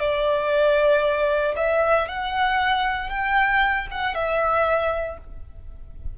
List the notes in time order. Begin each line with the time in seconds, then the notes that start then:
0.00 D5
1.56 E5
2.08 F#5
3.09 G5
3.91 F#5
4.14 E5